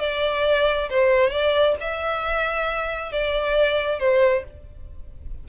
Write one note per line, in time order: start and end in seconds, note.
0.00 0.90 D5
0.90 1.31 C5
1.31 1.76 D5
1.81 3.12 E5
3.12 4.00 D5
4.00 4.44 C5